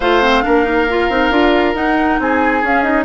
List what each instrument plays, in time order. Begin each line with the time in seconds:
0.00 bassoon A3, clarinet F4, oboe C5, flute F5
0.22 clarinet C4
0.42 bassoon A#3, clarinet D4, oboe A#4
0.64 clarinet D#4
0.89 clarinet F4
1.09 bassoon C4, clarinet D#4
1.30 bassoon D4, clarinet F4
1.74 bassoon D#4, clarinet D#4, flute F#5
2.19 bassoon C4, oboe G#4, flute G#5
2.62 bassoon C#4, clarinet C#4, flute F5
2.82 clarinet D#4, flute D#5